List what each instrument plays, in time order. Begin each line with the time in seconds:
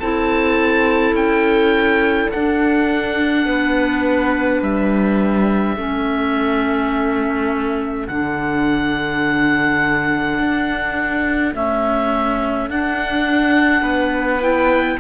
0.00 cello C4, clarinet E4, viola A4, oboe A5
1.14 cello C#4, oboe G5
2.31 cello D4, clarinet D4, oboe F#5
3.46 cello B3, viola B4
4.61 cello G3, oboe E5
5.75 cello A3, clarinet C#4, viola A4
8.08 cello D3, clarinet D4, oboe F#5
10.39 cello D4
11.53 clarinet A3, cello C#4, oboe E5
12.69 clarinet D4, cello D4, oboe F#5
13.82 cello B3, viola B4
14.40 clarinet E4, oboe G5